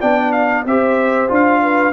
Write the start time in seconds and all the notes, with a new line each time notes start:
0.00 B3 D4 D5 G5
0.32 F5
0.65 C4 G4 C5 E5
1.28 D4 F4 F5
1.62 B4